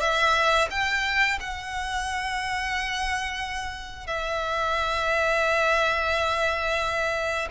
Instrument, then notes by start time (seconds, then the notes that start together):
violin
0.00 E5
0.71 G5
1.40 F#5
4.07 E5